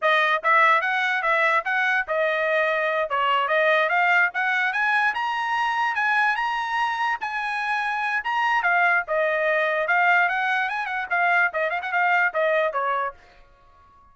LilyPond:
\new Staff \with { instrumentName = "trumpet" } { \time 4/4 \tempo 4 = 146 dis''4 e''4 fis''4 e''4 | fis''4 dis''2~ dis''8 cis''8~ | cis''8 dis''4 f''4 fis''4 gis''8~ | gis''8 ais''2 gis''4 ais''8~ |
ais''4. gis''2~ gis''8 | ais''4 f''4 dis''2 | f''4 fis''4 gis''8 fis''8 f''4 | dis''8 f''16 fis''16 f''4 dis''4 cis''4 | }